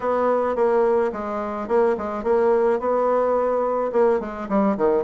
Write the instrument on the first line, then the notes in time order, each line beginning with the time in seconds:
bassoon
0.00 B3
0.55 A#3
1.12 G#3
1.67 A#3
1.97 G#3
2.23 A#3
2.79 B3
3.92 A#3
4.20 G#3
4.48 G3
4.77 D#3